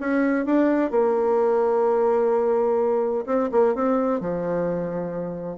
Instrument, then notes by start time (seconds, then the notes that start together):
bassoon
0.00 C#4
0.46 D4
0.91 A#3
3.26 C4
3.52 A#3
3.75 C4
4.21 F3